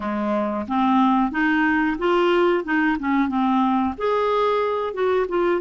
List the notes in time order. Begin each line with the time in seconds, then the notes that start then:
0.00 G#3
0.67 C4
1.31 D#4
1.98 F4
2.64 D#4
2.99 C#4
3.28 C4
3.97 G#4
4.93 F#4
5.28 F4